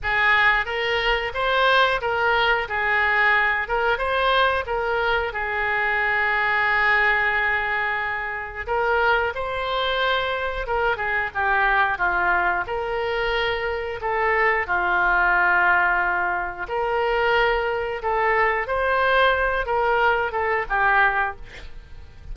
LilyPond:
\new Staff \with { instrumentName = "oboe" } { \time 4/4 \tempo 4 = 90 gis'4 ais'4 c''4 ais'4 | gis'4. ais'8 c''4 ais'4 | gis'1~ | gis'4 ais'4 c''2 |
ais'8 gis'8 g'4 f'4 ais'4~ | ais'4 a'4 f'2~ | f'4 ais'2 a'4 | c''4. ais'4 a'8 g'4 | }